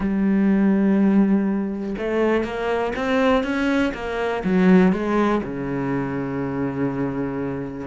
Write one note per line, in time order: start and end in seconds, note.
0.00 1.95 G3
1.98 2.44 A3
2.44 2.93 A#3
2.95 3.43 C4
3.43 3.92 C#4
3.94 4.43 A#3
4.44 4.92 F#3
4.92 5.41 G#3
5.43 7.87 C#3